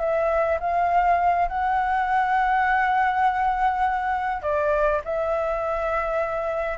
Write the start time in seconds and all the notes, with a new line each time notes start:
0.00 E5
0.60 F5
1.48 F#5
4.43 D5
5.05 E5